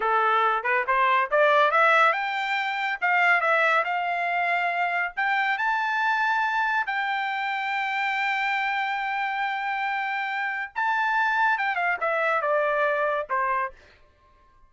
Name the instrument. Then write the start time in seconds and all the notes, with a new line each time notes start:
trumpet
0.00 A4
0.63 B4
0.87 C5
1.31 D5
1.71 E5
2.12 G5
3.01 F5
3.41 E5
3.84 F5
5.16 G5
5.58 A5
6.86 G5
10.75 A5
11.58 G5
11.75 F5
12.00 E5
12.41 D5
13.29 C5